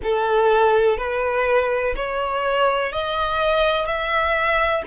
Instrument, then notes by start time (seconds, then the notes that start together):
violin
0.03 A4
0.97 B4
1.96 C#5
2.92 D#5
3.85 E5